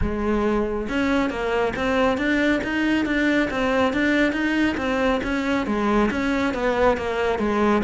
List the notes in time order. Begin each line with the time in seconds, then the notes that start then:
0.01 G#3
0.89 C#4
1.30 A#3
1.76 C4
2.17 D4
2.63 D#4
3.05 D4
3.50 C4
3.93 D4
4.32 D#4
4.77 C4
5.23 C#4
5.66 G#3
6.10 C#4
6.53 B3
6.97 A#3
7.38 G#3